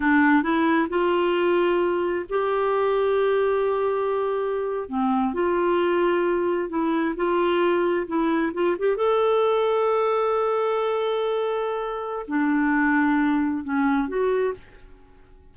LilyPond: \new Staff \with { instrumentName = "clarinet" } { \time 4/4 \tempo 4 = 132 d'4 e'4 f'2~ | f'4 g'2.~ | g'2~ g'8. c'4 f'16~ | f'2~ f'8. e'4 f'16~ |
f'4.~ f'16 e'4 f'8 g'8 a'16~ | a'1~ | a'2. d'4~ | d'2 cis'4 fis'4 | }